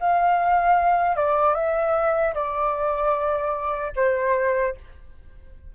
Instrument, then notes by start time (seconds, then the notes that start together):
flute
0.00 F5
1.16 D5
1.55 E5
2.34 D5
3.96 C5